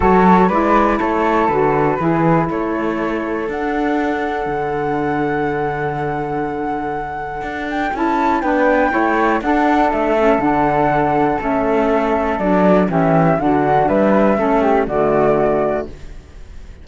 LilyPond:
<<
  \new Staff \with { instrumentName = "flute" } { \time 4/4 \tempo 4 = 121 cis''4 d''4 cis''4 b'4~ | b'4 cis''2 fis''4~ | fis''1~ | fis''2.~ fis''8 g''8 |
a''4 g''2 fis''4 | e''4 fis''2 e''4~ | e''4 d''4 e''4 fis''4 | e''2 d''2 | }
  \new Staff \with { instrumentName = "flute" } { \time 4/4 a'4 b'4 a'2 | gis'4 a'2.~ | a'1~ | a'1~ |
a'4 b'4 cis''4 a'4~ | a'1~ | a'2 g'4 fis'4 | b'4 a'8 g'8 fis'2 | }
  \new Staff \with { instrumentName = "saxophone" } { \time 4/4 fis'4 e'2 fis'4 | e'2. d'4~ | d'1~ | d'1 |
e'4 d'4 e'4 d'4~ | d'8 cis'8 d'2 cis'4~ | cis'4 d'4 cis'4 d'4~ | d'4 cis'4 a2 | }
  \new Staff \with { instrumentName = "cello" } { \time 4/4 fis4 gis4 a4 d4 | e4 a2 d'4~ | d'4 d2.~ | d2. d'4 |
cis'4 b4 a4 d'4 | a4 d2 a4~ | a4 fis4 e4 d4 | g4 a4 d2 | }
>>